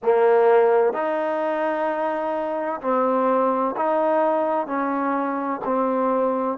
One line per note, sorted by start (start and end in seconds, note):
0.03 0.93 A#3
0.93 2.80 D#4
2.81 3.75 C4
3.76 4.66 D#4
4.66 5.60 C#4
5.65 6.58 C4